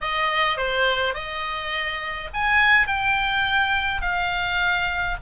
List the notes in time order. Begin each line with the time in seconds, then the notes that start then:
0.01 D#5
0.57 C5
1.14 D#5
2.33 G#5
2.87 G5
4.01 F5